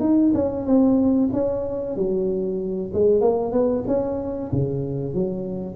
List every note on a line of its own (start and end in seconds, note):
0.00 0.32 D#4
0.34 0.66 C#4
0.66 1.30 C4
1.33 1.96 C#4
1.96 2.92 F#3
2.94 3.21 G#3
3.21 3.52 A#3
3.52 3.84 B3
3.87 4.51 C#4
4.52 5.14 C#3
5.14 5.75 F#3